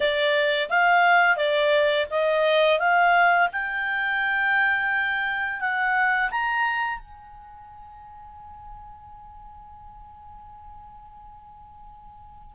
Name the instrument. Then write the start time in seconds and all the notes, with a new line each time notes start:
clarinet
0.00 D5
0.69 F5
1.36 D5
2.10 D#5
2.79 F5
3.52 G5
5.60 F#5
6.30 A#5
6.99 G#5